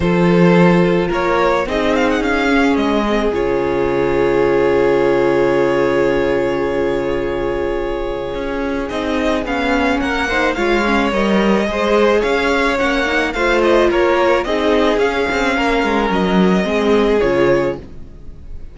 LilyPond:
<<
  \new Staff \with { instrumentName = "violin" } { \time 4/4 \tempo 4 = 108 c''2 cis''4 dis''8 f''16 fis''16 | f''4 dis''4 cis''2~ | cis''1~ | cis''1 |
dis''4 f''4 fis''4 f''4 | dis''2 f''4 fis''4 | f''8 dis''8 cis''4 dis''4 f''4~ | f''4 dis''2 cis''4 | }
  \new Staff \with { instrumentName = "violin" } { \time 4/4 a'2 ais'4 gis'4~ | gis'1~ | gis'1~ | gis'1~ |
gis'2 ais'8 c''8 cis''4~ | cis''4 c''4 cis''2 | c''4 ais'4 gis'2 | ais'2 gis'2 | }
  \new Staff \with { instrumentName = "viola" } { \time 4/4 f'2. dis'4~ | dis'8 cis'4 c'8 f'2~ | f'1~ | f'1 |
dis'4 cis'4. dis'8 f'8 cis'8 | ais'4 gis'2 cis'8 dis'8 | f'2 dis'4 cis'4~ | cis'2 c'4 f'4 | }
  \new Staff \with { instrumentName = "cello" } { \time 4/4 f2 ais4 c'4 | cis'4 gis4 cis2~ | cis1~ | cis2. cis'4 |
c'4 b4 ais4 gis4 | g4 gis4 cis'4 ais4 | a4 ais4 c'4 cis'8 c'8 | ais8 gis8 fis4 gis4 cis4 | }
>>